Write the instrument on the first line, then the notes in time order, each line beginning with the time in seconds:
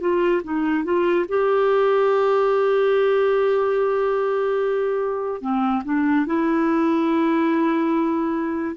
clarinet
0.00 F4
0.44 D#4
0.84 F4
1.28 G4
5.41 C4
5.85 D4
6.26 E4